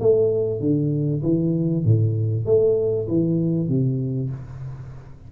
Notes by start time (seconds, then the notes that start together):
0.00 A3
0.60 D3
1.22 E3
1.84 A2
2.45 A3
3.08 E3
3.68 C3